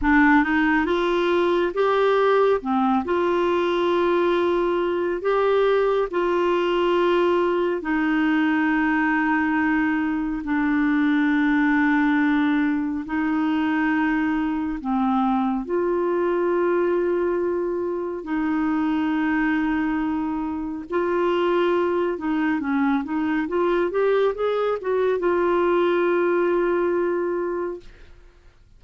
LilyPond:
\new Staff \with { instrumentName = "clarinet" } { \time 4/4 \tempo 4 = 69 d'8 dis'8 f'4 g'4 c'8 f'8~ | f'2 g'4 f'4~ | f'4 dis'2. | d'2. dis'4~ |
dis'4 c'4 f'2~ | f'4 dis'2. | f'4. dis'8 cis'8 dis'8 f'8 g'8 | gis'8 fis'8 f'2. | }